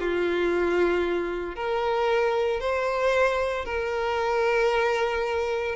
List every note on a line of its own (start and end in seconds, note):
0.00 1.55 F4
1.55 2.60 A#4
2.60 3.65 C5
3.65 5.76 A#4